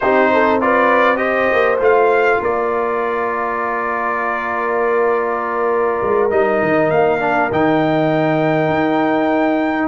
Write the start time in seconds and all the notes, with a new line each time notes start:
0.00 C4 D#4 G4 C5
0.32 A4
0.60 F4 B4 D5
1.16 G4 C5 D#5
1.52 A#3
1.80 A3 F4 F5
2.40 A#3 A#4 D5
6.02 G#3
6.30 G3 D#4 D#5
6.62 D#3
6.90 A#3 F5
7.20 D4
7.51 D#3 D#4 G5
8.68 D#4